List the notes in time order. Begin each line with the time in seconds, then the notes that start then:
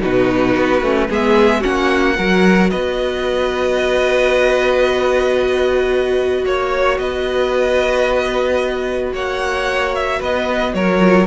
0.00 B2 D#4 F#4 B4
0.56 B3
0.81 A3 C#4
1.09 G#3 B3 G#4 E5
1.60 A#3 C#4 F#4 F#5
2.17 F#3 F#4 A#4
2.69 B3 B4 D#5
6.44 A#3 C#5
6.98 B3 B4 D#5
9.13 A#3 C#5 F#5
9.94 E5
10.19 B3 B4 D#5
10.73 F#3 A#4 C#5
10.99 F4